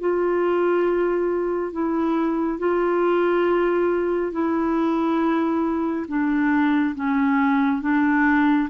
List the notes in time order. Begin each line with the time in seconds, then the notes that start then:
0.00 F4
1.73 E4
2.59 F4
4.32 E4
6.08 D4
6.95 C#4
7.82 D4